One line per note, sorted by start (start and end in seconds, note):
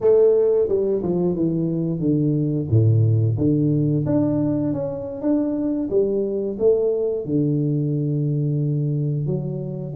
0.01 0.68 A3
0.68 1.01 G3
1.03 1.35 F3
1.35 1.99 E3
1.99 2.67 D3
2.70 3.37 A2
3.37 4.04 D3
4.05 4.73 D4
4.73 5.21 C#4
5.21 5.89 D4
5.90 6.57 G3
6.59 7.25 A3
7.25 9.26 D3
9.26 9.93 F#3